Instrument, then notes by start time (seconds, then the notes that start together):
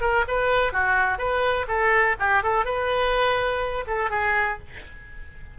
oboe
0.00 A#4
0.27 B4
0.72 F#4
1.18 B4
1.68 A4
2.19 G4
2.43 A4
2.64 B4
3.87 A4
4.10 G#4